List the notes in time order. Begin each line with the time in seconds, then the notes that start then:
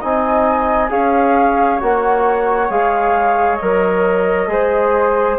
0.00 C4 D#4 D#5 G#5
0.89 C#4 G#4 C#5 F5
1.80 A#3 F#4 F#5
2.70 G#3 G#4 F5
3.56 F#3 A#4 D#5
4.48 G#3 G#4 C5